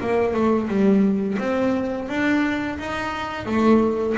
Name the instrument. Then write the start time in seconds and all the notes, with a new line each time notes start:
double bass
0.00 A#3
0.33 A3
0.68 G3
1.38 C4
2.08 D4
2.78 D#4
3.45 A3